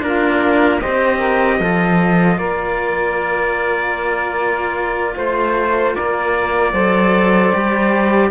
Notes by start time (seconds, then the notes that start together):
0.00 A#3 D4 F4 A#4
0.80 C4 G4 C5 D#5
1.17 A#4
1.58 F3 F4 A4
2.37 A#3 A#4 D5
5.16 A3 C5
5.93 A#4 D5
6.00 A#3
6.72 F#3 A4 C5
7.53 G3 G4